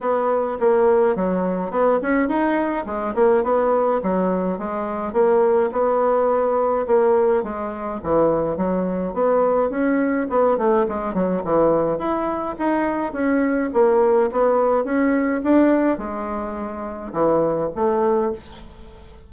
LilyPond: \new Staff \with { instrumentName = "bassoon" } { \time 4/4 \tempo 4 = 105 b4 ais4 fis4 b8 cis'8 | dis'4 gis8 ais8 b4 fis4 | gis4 ais4 b2 | ais4 gis4 e4 fis4 |
b4 cis'4 b8 a8 gis8 fis8 | e4 e'4 dis'4 cis'4 | ais4 b4 cis'4 d'4 | gis2 e4 a4 | }